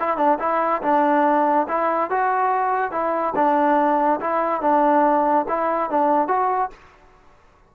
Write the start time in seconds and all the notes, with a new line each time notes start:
0.00 E4
0.18 D4
0.40 E4
0.83 D4
1.69 E4
2.11 F#4
2.92 E4
3.36 D4
4.21 E4
4.62 D4
5.49 E4
5.91 D4
6.28 F#4